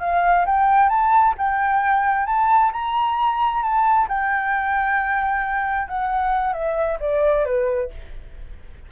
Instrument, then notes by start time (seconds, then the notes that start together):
flute
0.00 F5
0.45 G5
0.89 A5
1.37 G5
2.26 A5
2.72 A#5
3.62 A5
4.08 G5
5.88 F#5
6.53 E5
6.99 D5
7.45 B4